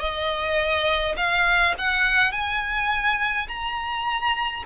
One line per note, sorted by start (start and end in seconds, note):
0.00 1.15 D#5
1.17 1.75 F5
1.78 2.32 F#5
2.32 3.47 G#5
3.48 4.64 A#5